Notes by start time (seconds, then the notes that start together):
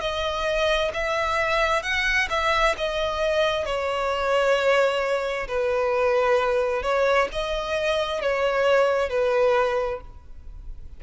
0.00 D#5
0.93 E5
1.82 F#5
2.29 E5
2.77 D#5
3.65 C#5
5.48 B4
6.82 C#5
7.32 D#5
8.21 C#5
9.09 B4